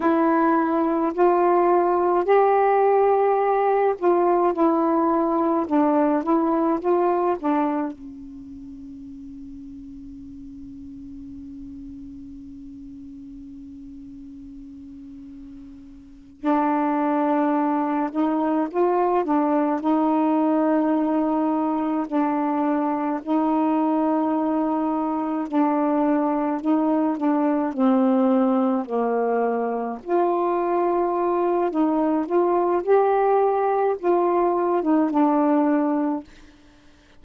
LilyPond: \new Staff \with { instrumentName = "saxophone" } { \time 4/4 \tempo 4 = 53 e'4 f'4 g'4. f'8 | e'4 d'8 e'8 f'8 d'8 cis'4~ | cis'1~ | cis'2~ cis'8 d'4. |
dis'8 f'8 d'8 dis'2 d'8~ | d'8 dis'2 d'4 dis'8 | d'8 c'4 ais4 f'4. | dis'8 f'8 g'4 f'8. dis'16 d'4 | }